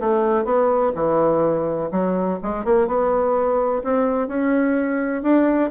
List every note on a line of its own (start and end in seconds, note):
0.00 0.45 A3
0.45 0.92 B3
0.95 1.90 E3
1.91 2.39 F#3
2.43 2.65 G#3
2.65 2.87 A#3
2.87 3.83 B3
3.84 4.28 C4
4.28 5.23 C#4
5.23 5.70 D4